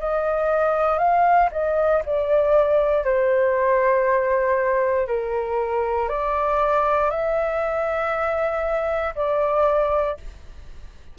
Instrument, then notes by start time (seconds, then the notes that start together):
flute
0.00 D#5
0.99 F5
1.52 D#5
2.06 D5
3.05 C5
5.08 A#4
6.09 D5
7.11 E5
9.16 D5